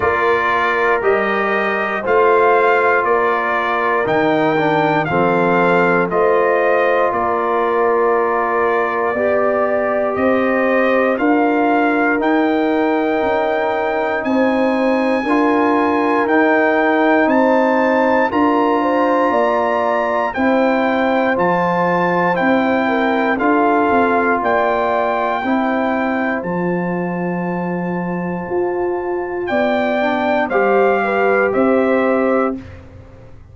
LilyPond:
<<
  \new Staff \with { instrumentName = "trumpet" } { \time 4/4 \tempo 4 = 59 d''4 dis''4 f''4 d''4 | g''4 f''4 dis''4 d''4~ | d''2 dis''4 f''4 | g''2 gis''2 |
g''4 a''4 ais''2 | g''4 a''4 g''4 f''4 | g''2 a''2~ | a''4 g''4 f''4 e''4 | }
  \new Staff \with { instrumentName = "horn" } { \time 4/4 ais'2 c''4 ais'4~ | ais'4 a'4 c''4 ais'4~ | ais'4 d''4 c''4 ais'4~ | ais'2 c''4 ais'4~ |
ais'4 c''4 ais'8 c''8 d''4 | c''2~ c''8 ais'8 a'4 | d''4 c''2.~ | c''4 d''4 c''8 b'8 c''4 | }
  \new Staff \with { instrumentName = "trombone" } { \time 4/4 f'4 g'4 f'2 | dis'8 d'8 c'4 f'2~ | f'4 g'2 f'4 | dis'2. f'4 |
dis'2 f'2 | e'4 f'4 e'4 f'4~ | f'4 e'4 f'2~ | f'4. d'8 g'2 | }
  \new Staff \with { instrumentName = "tuba" } { \time 4/4 ais4 g4 a4 ais4 | dis4 f4 a4 ais4~ | ais4 b4 c'4 d'4 | dis'4 cis'4 c'4 d'4 |
dis'4 c'4 d'4 ais4 | c'4 f4 c'4 d'8 c'8 | ais4 c'4 f2 | f'4 b4 g4 c'4 | }
>>